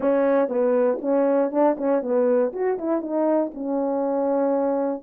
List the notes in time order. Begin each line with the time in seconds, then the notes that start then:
0.00 C#4
0.48 B3
1.01 C#4
1.51 D4
1.77 C#4
2.01 B3
2.52 F#4
2.78 E4
3.01 D#4
3.53 C#4